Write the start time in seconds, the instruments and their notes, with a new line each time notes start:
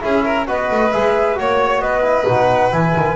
0.00 double bass C#4, trombone E4, violin G#4, flute E5
0.25 violin A#4
0.46 double bass B3, trombone F#4, violin B4, flute D#5
0.71 double bass A3
0.92 double bass G#3, trombone G#4, flute E5
1.35 double bass A#3, trombone F#4, flute C#5, violin C#5
1.80 double bass B3, violin B4, flute D#5
2.03 trombone E4
2.26 double bass B2, trombone D#4, flute F#5
2.71 double bass E3, trombone E4, flute G#5
2.96 double bass D#3